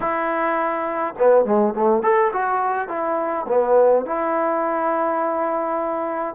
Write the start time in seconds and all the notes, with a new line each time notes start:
0.00 E4
1.18 B3
1.45 G#3
1.74 A3
2.02 A4
2.32 F#4
2.88 E4
3.48 B3
4.05 E4